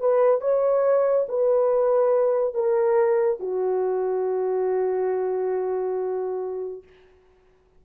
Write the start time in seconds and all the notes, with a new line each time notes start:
0.00 B4
0.41 C#5
1.29 B4
2.54 A#4
3.40 F#4